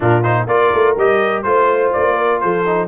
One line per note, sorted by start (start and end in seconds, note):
0.00 0.46 A#2
0.00 0.23 D4
0.00 0.48 F4
0.00 0.22 A#4
0.22 0.47 D#4
0.22 0.46 C5
0.46 0.70 A#3
0.46 0.96 F4
0.46 1.46 A#4
0.46 0.96 D5
0.74 0.96 A3
0.96 1.44 G3
0.96 1.44 G4
0.96 1.42 D#5
1.42 1.93 A3
1.42 2.65 F4
1.42 1.91 C5
1.42 2.16 C5
1.92 2.43 A#3
1.92 2.40 D5
2.16 2.40 A#4
2.40 2.88 F3
2.40 2.88 A4
2.40 2.88 C5
2.65 2.88 D#4